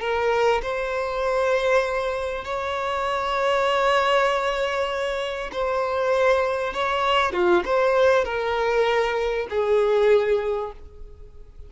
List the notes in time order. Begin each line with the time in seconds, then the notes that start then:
0.00 A#4
0.62 C5
2.44 C#5
5.52 C5
6.73 C#5
7.33 F4
7.65 C5
8.25 A#4
9.50 G#4